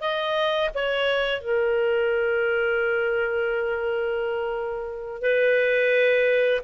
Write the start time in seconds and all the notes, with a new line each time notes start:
0.00 D#5
0.75 C#5
1.41 A#4
5.21 B4